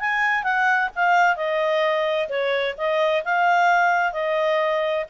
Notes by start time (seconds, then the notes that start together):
0.00 G#5
0.43 F#5
0.96 F5
1.36 D#5
2.29 C#5
2.78 D#5
3.25 F5
4.13 D#5